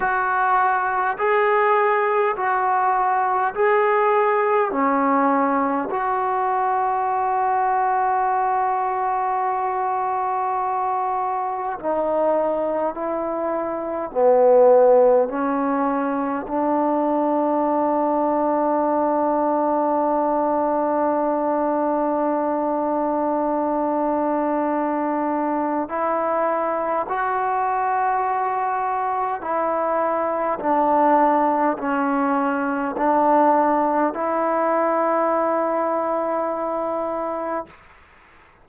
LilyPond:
\new Staff \with { instrumentName = "trombone" } { \time 4/4 \tempo 4 = 51 fis'4 gis'4 fis'4 gis'4 | cis'4 fis'2.~ | fis'2 dis'4 e'4 | b4 cis'4 d'2~ |
d'1~ | d'2 e'4 fis'4~ | fis'4 e'4 d'4 cis'4 | d'4 e'2. | }